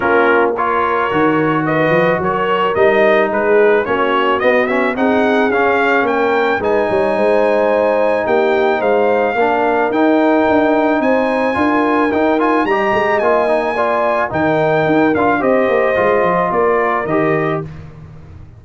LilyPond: <<
  \new Staff \with { instrumentName = "trumpet" } { \time 4/4 \tempo 4 = 109 ais'4 cis''2 dis''4 | cis''4 dis''4 b'4 cis''4 | dis''8 e''8 fis''4 f''4 g''4 | gis''2. g''4 |
f''2 g''2 | gis''2 g''8 gis''8 ais''4 | gis''2 g''4. f''8 | dis''2 d''4 dis''4 | }
  \new Staff \with { instrumentName = "horn" } { \time 4/4 f'4 ais'2 b'4 | ais'2 gis'4 fis'4~ | fis'4 gis'2 ais'4 | b'8 cis''8 c''2 g'4 |
c''4 ais'2. | c''4 ais'2 dis''4~ | dis''4 d''4 ais'2 | c''2 ais'2 | }
  \new Staff \with { instrumentName = "trombone" } { \time 4/4 cis'4 f'4 fis'2~ | fis'4 dis'2 cis'4 | b8 cis'8 dis'4 cis'2 | dis'1~ |
dis'4 d'4 dis'2~ | dis'4 f'4 dis'8 f'8 g'4 | f'8 dis'8 f'4 dis'4. f'8 | g'4 f'2 g'4 | }
  \new Staff \with { instrumentName = "tuba" } { \time 4/4 ais2 dis4. f8 | fis4 g4 gis4 ais4 | b4 c'4 cis'4 ais4 | gis8 g8 gis2 ais4 |
gis4 ais4 dis'4 d'4 | c'4 d'4 dis'4 g8 gis8 | ais2 dis4 dis'8 d'8 | c'8 ais8 gis8 f8 ais4 dis4 | }
>>